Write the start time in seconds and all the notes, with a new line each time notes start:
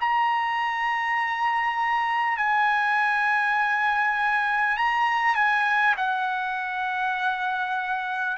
0.00 A#5
2.37 G#5
4.77 A#5
5.35 G#5
5.97 F#5